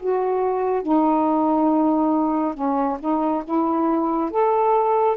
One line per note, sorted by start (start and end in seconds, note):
0.00 0.82 F#4
0.82 2.55 D#4
2.55 2.98 C#4
3.00 3.43 D#4
3.45 4.31 E4
4.31 5.17 A4